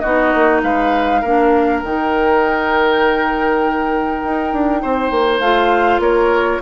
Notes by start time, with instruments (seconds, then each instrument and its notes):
0.00 bassoon B3, clarinet D#4, oboe F#4, flute D#5
0.35 bassoon A#3
0.63 bassoon G#3, oboe B4, flute F5
1.21 bassoon A#3, clarinet D4, oboe A#4
1.80 bassoon D#3, clarinet D#4, flute G5
4.24 bassoon D#4
4.53 bassoon D4
4.82 bassoon C4, oboe C5
5.11 bassoon A#3
5.40 bassoon A3, clarinet F4, flute F5
5.99 bassoon A#3, oboe A#4, flute C#5